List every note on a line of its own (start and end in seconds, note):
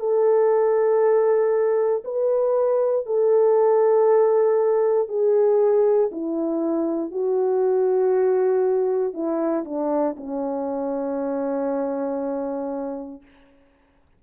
0.00 2.03 A4
2.05 3.06 B4
3.06 5.08 A4
5.08 6.10 G#4
6.12 7.11 E4
7.11 9.14 F#4
9.14 9.65 E4
9.65 10.16 D4
10.17 13.22 C#4